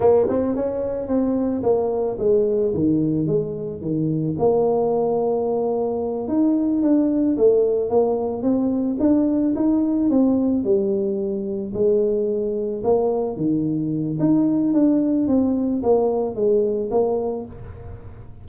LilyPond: \new Staff \with { instrumentName = "tuba" } { \time 4/4 \tempo 4 = 110 ais8 c'8 cis'4 c'4 ais4 | gis4 dis4 gis4 dis4 | ais2.~ ais8 dis'8~ | dis'8 d'4 a4 ais4 c'8~ |
c'8 d'4 dis'4 c'4 g8~ | g4. gis2 ais8~ | ais8 dis4. dis'4 d'4 | c'4 ais4 gis4 ais4 | }